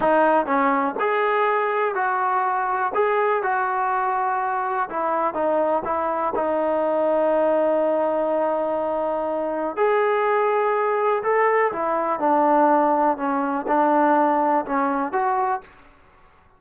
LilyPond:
\new Staff \with { instrumentName = "trombone" } { \time 4/4 \tempo 4 = 123 dis'4 cis'4 gis'2 | fis'2 gis'4 fis'4~ | fis'2 e'4 dis'4 | e'4 dis'2.~ |
dis'1 | gis'2. a'4 | e'4 d'2 cis'4 | d'2 cis'4 fis'4 | }